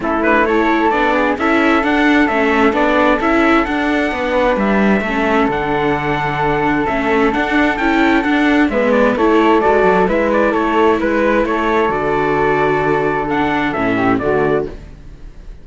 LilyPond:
<<
  \new Staff \with { instrumentName = "trumpet" } { \time 4/4 \tempo 4 = 131 a'8 b'8 cis''4 d''4 e''4 | fis''4 e''4 d''4 e''4 | fis''2 e''2 | fis''2. e''4 |
fis''4 g''4 fis''4 e''8 d''8 | cis''4 d''4 e''8 d''8 cis''4 | b'4 cis''4 d''2~ | d''4 fis''4 e''4 d''4 | }
  \new Staff \with { instrumentName = "flute" } { \time 4/4 e'4 a'4. gis'8 a'4~ | a'1~ | a'4 b'2 a'4~ | a'1~ |
a'2. b'4 | a'2 b'4 a'4 | b'4 a'2.~ | a'2~ a'8 g'8 fis'4 | }
  \new Staff \with { instrumentName = "viola" } { \time 4/4 cis'8 d'8 e'4 d'4 e'4 | d'4 cis'4 d'4 e'4 | d'2. cis'4 | d'2. cis'4 |
d'4 e'4 d'4 b4 | e'4 fis'4 e'2~ | e'2 fis'2~ | fis'4 d'4 cis'4 a4 | }
  \new Staff \with { instrumentName = "cello" } { \time 4/4 a2 b4 cis'4 | d'4 a4 b4 cis'4 | d'4 b4 g4 a4 | d2. a4 |
d'4 cis'4 d'4 gis4 | a4 gis8 fis8 gis4 a4 | gis4 a4 d2~ | d2 a,4 d4 | }
>>